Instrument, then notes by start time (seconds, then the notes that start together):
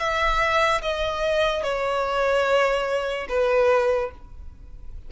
violin
0.00 E5
0.82 D#5
1.64 C#5
3.29 B4